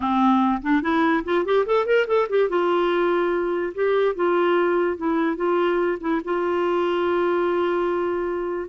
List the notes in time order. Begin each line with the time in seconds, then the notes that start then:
0.00 C4
0.62 D4
0.82 E4
1.24 F4
1.45 G4
1.66 A4
1.85 A#4
2.07 A4
2.29 G4
2.49 F4
3.74 G4
4.15 F4
4.97 E4
5.36 F4
6.00 E4
6.24 F4